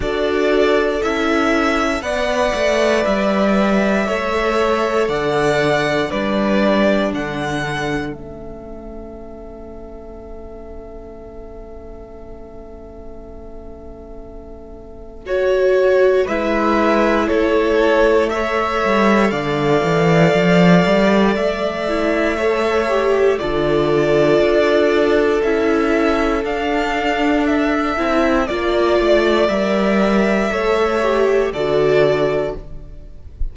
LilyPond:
<<
  \new Staff \with { instrumentName = "violin" } { \time 4/4 \tempo 4 = 59 d''4 e''4 fis''4 e''4~ | e''4 fis''4 d''4 fis''4 | e''1~ | e''2. cis''4 |
e''4 cis''4 e''4 f''4~ | f''4 e''2 d''4~ | d''4 e''4 f''4 e''4 | d''4 e''2 d''4 | }
  \new Staff \with { instrumentName = "violin" } { \time 4/4 a'2 d''2 | cis''4 d''4 b'4 a'4~ | a'1~ | a'1 |
b'4 a'4 cis''4 d''4~ | d''2 cis''4 a'4~ | a'1 | d''2 cis''4 a'4 | }
  \new Staff \with { instrumentName = "viola" } { \time 4/4 fis'4 e'4 b'2 | a'2 d'2 | cis'1~ | cis'2. fis'4 |
e'2 a'2~ | a'4. e'8 a'8 g'8 f'4~ | f'4 e'4 d'4. e'8 | f'4 ais'4 a'8 g'8 fis'4 | }
  \new Staff \with { instrumentName = "cello" } { \time 4/4 d'4 cis'4 b8 a8 g4 | a4 d4 g4 d4 | a1~ | a1 |
gis4 a4. g8 d8 e8 | f8 g8 a2 d4 | d'4 cis'4 d'4. c'8 | ais8 a8 g4 a4 d4 | }
>>